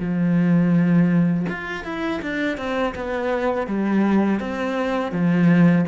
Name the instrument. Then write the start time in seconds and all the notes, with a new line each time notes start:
cello
0.00 F3
1.49 F4
1.85 E4
2.22 D4
2.58 C4
2.95 B3
3.67 G3
4.40 C4
5.12 F3